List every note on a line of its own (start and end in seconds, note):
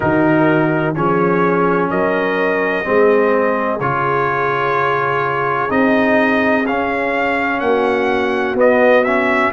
0.00 0.95 D#3
0.00 0.94 D#4
0.00 0.94 F#4
0.00 0.94 A#4
0.94 1.89 F3
0.94 2.84 C#4
0.94 1.90 G#4
0.94 1.90 C#5
1.89 2.85 F#3
1.89 2.85 A#4
1.89 3.80 D#5
2.84 3.80 G#3
2.84 3.79 C4
2.84 7.64 G#4
3.80 5.70 C#3
3.80 5.69 F4
3.80 5.70 C#5
5.69 6.65 C4
5.69 6.64 D#4
5.69 6.66 D#5
6.65 7.61 C#4
6.65 8.56 C#4
6.65 7.60 F5
7.60 8.54 A#3
7.60 9.53 F#4
7.60 8.55 F#5
8.54 9.49 B3
8.54 9.04 B3
8.54 9.04 D#5
9.04 9.53 C#4
9.04 9.51 E5